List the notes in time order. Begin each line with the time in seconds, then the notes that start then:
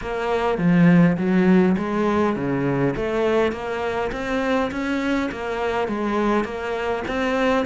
0.01 A#3
0.57 F3
1.17 F#3
1.77 G#3
2.35 C#3
2.96 A3
3.51 A#3
4.12 C4
4.71 C#4
5.31 A#3
5.87 G#3
6.44 A#3
7.07 C4